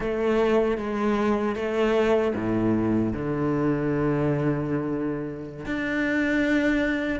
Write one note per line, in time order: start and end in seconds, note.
0.00 0.77 A3
0.77 1.55 G#3
1.55 2.33 A3
2.35 3.13 A2
3.13 5.65 D3
5.65 7.19 D4